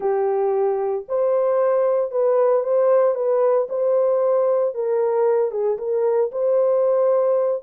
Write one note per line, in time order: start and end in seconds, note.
0.00 1.05 G4
1.08 2.11 C5
2.11 2.63 B4
2.63 3.15 C5
3.15 3.67 B4
3.69 4.74 C5
4.74 5.51 A#4
5.51 5.77 G#4
5.78 6.30 A#4
6.31 7.62 C5